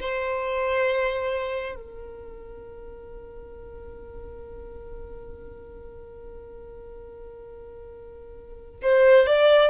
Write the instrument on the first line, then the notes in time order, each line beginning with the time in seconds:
violin
0.00 C5
1.75 A#4
8.83 C5
9.27 D5